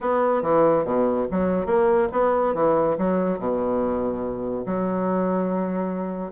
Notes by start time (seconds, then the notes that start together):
0.00 B3
0.42 E3
0.84 B2
1.31 F#3
1.66 A#3
2.12 B3
2.54 E3
2.98 F#3
3.39 B2
4.66 F#3